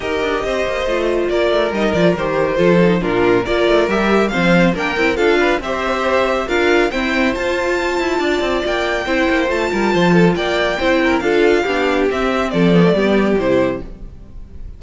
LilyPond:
<<
  \new Staff \with { instrumentName = "violin" } { \time 4/4 \tempo 4 = 139 dis''2. d''4 | dis''8 d''8 c''2 ais'4 | d''4 e''4 f''4 g''4 | f''4 e''2 f''4 |
g''4 a''2. | g''2 a''2 | g''2 f''2 | e''4 d''2 c''4 | }
  \new Staff \with { instrumentName = "violin" } { \time 4/4 ais'4 c''2 ais'4~ | ais'2 a'4 f'4 | ais'2 c''4 ais'4 | a'8 b'8 c''2 ais'4 |
c''2. d''4~ | d''4 c''4. ais'8 c''8 a'8 | d''4 c''8 ais'8 a'4 g'4~ | g'4 a'4 g'2 | }
  \new Staff \with { instrumentName = "viola" } { \time 4/4 g'2 f'2 | dis'8 f'8 g'4 f'8 dis'8 d'4 | f'4 g'4 c'4 d'8 e'8 | f'4 g'2 f'4 |
c'4 f'2.~ | f'4 e'4 f'2~ | f'4 e'4 f'4 d'4 | c'4. b16 a16 b4 e'4 | }
  \new Staff \with { instrumentName = "cello" } { \time 4/4 dis'8 d'8 c'8 ais8 a4 ais8 a8 | g8 f8 dis4 f4 ais,4 | ais8 a8 g4 f4 ais8 c'8 | d'4 c'2 d'4 |
e'4 f'4. e'8 d'8 c'8 | ais4 c'8 ais8 a8 g8 f4 | ais4 c'4 d'4 b4 | c'4 f4 g4 c4 | }
>>